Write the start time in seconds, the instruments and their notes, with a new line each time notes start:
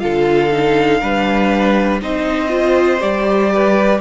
0.00 cello D3, viola F4, violin A4 F5
0.52 viola D#4
1.01 cello G3, viola D4, violin B4
2.02 cello C4, viola D#4, violin C5 D#5
2.49 viola F4
3.00 cello G3, viola G4, violin D5
3.54 violin B4